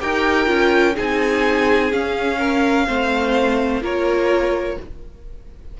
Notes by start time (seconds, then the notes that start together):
0.00 D#4 G4 A#4 G5
0.45 C#4 F4
0.94 C4 D#4 G#4 G#5
1.91 C#4 F5
2.38 A#4
2.87 A3 C4 C5
3.81 A#3 F4 A#4 C#5